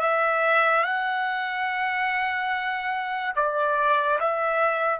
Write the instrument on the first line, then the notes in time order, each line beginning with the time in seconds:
trumpet
0.00 E5
0.83 F#5
3.35 D5
4.19 E5